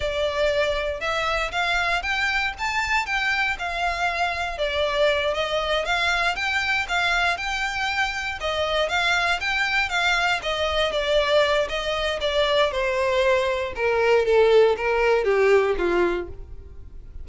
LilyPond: \new Staff \with { instrumentName = "violin" } { \time 4/4 \tempo 4 = 118 d''2 e''4 f''4 | g''4 a''4 g''4 f''4~ | f''4 d''4. dis''4 f''8~ | f''8 g''4 f''4 g''4.~ |
g''8 dis''4 f''4 g''4 f''8~ | f''8 dis''4 d''4. dis''4 | d''4 c''2 ais'4 | a'4 ais'4 g'4 f'4 | }